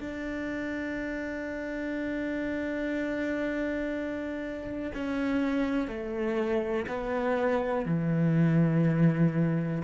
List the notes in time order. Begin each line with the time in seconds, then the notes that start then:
0.00 D4
4.94 C#4
5.87 A3
6.88 B3
7.86 E3